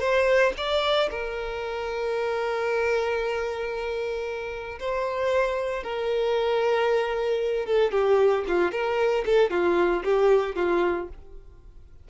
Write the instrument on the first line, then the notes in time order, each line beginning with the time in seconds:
violin
0.00 C5
0.57 D5
1.10 A#4
4.79 C5
5.83 A#4
7.66 A4
7.91 G4
8.47 F4
8.72 A#4
9.25 A4
9.50 F4
10.04 G4
10.56 F4